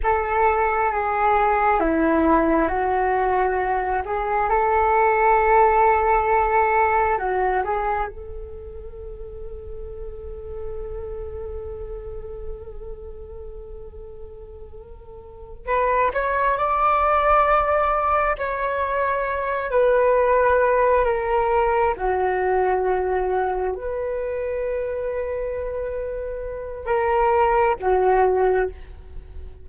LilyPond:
\new Staff \with { instrumentName = "flute" } { \time 4/4 \tempo 4 = 67 a'4 gis'4 e'4 fis'4~ | fis'8 gis'8 a'2. | fis'8 gis'8 a'2.~ | a'1~ |
a'4. b'8 cis''8 d''4.~ | d''8 cis''4. b'4. ais'8~ | ais'8 fis'2 b'4.~ | b'2 ais'4 fis'4 | }